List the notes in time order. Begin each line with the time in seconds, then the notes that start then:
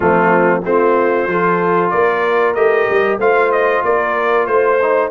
0.00 F3 A3 C4 F4
0.64 A3 C4 F4 C5
1.27 F3 F4 A4
1.90 A#3 A#4 D5
2.54 A3 G4 D#5
2.89 G3
3.17 A3 F4 C5 F5
3.51 D#5
3.83 A#3 A#4 D5
4.46 A3 C5
4.81 D#4